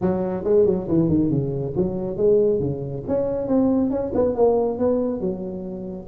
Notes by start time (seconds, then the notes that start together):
0.01 F#3
0.44 G#3
0.65 F#3
0.88 E3
1.08 D#3
1.30 C#3
1.76 F#3
2.16 G#3
2.60 C#3
3.07 C#4
3.47 C4
3.90 C#4
4.14 B3
4.35 A#3
4.78 B3
5.20 F#3